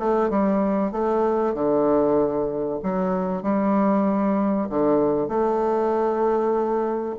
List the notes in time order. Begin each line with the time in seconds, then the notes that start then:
0.00 A3
0.30 G3
0.92 A3
1.55 D3
2.84 F#3
3.43 G3
4.70 D3
5.29 A3